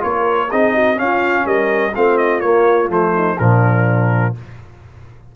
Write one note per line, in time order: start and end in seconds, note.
0.00 0.52 A#3
0.00 0.48 F4
0.00 0.50 A#4
0.00 0.51 C#5
0.50 1.00 C4
0.50 0.96 D#4
0.50 0.74 G#4
0.50 0.99 D#5
0.74 0.98 F#4
0.96 1.92 C#4
0.96 1.45 C#4
0.96 1.46 F5
1.03 1.45 F4
1.45 1.93 G3
1.45 1.93 A#4
1.45 1.94 D#5
1.95 2.42 A3
1.95 2.42 C4
1.95 3.14 F4
1.95 2.18 F5
2.18 2.40 D#5
2.40 2.89 A#3
2.40 2.88 C#5
2.89 3.37 F3
2.89 3.37 A3
2.89 3.39 C5
3.14 3.38 D#4
3.39 4.36 A#2
3.39 4.35 F3
3.39 4.35 D4
3.39 4.35 A#4